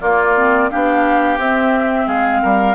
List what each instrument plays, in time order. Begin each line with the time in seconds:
0.00 clarinet A#3, bassoon A#3, oboe F4, flute D5
0.36 clarinet C4
0.71 bassoon B3, clarinet D4, oboe G4, flute F5
1.38 bassoon C4, clarinet C4, flute E5
2.07 bassoon G#3, oboe G#4, flute F5
2.43 bassoon G3, oboe A#4